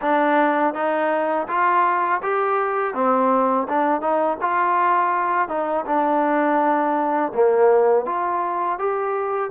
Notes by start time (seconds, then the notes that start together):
0.01 D4
0.74 D#4
1.48 F4
2.22 G4
2.94 C4
3.68 D4
4.01 D#4
4.41 F4
5.48 D#4
5.85 D4
7.34 A#3
8.05 F4
8.78 G4